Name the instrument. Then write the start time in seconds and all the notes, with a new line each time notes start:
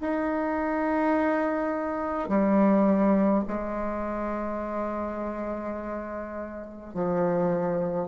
bassoon
0.00 D#4
2.29 G3
3.47 G#3
6.93 F3